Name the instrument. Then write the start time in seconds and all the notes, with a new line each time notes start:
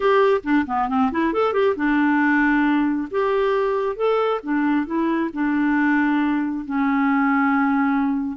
clarinet
0.00 G4
0.43 D4
0.66 B3
0.88 C4
1.11 E4
1.33 A4
1.53 G4
1.75 D4
3.10 G4
3.96 A4
4.43 D4
4.86 E4
5.33 D4
6.65 C#4